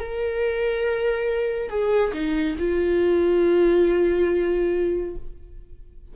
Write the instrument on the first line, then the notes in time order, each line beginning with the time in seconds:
viola
0.00 A#4
1.70 G#4
2.14 D#4
2.59 F4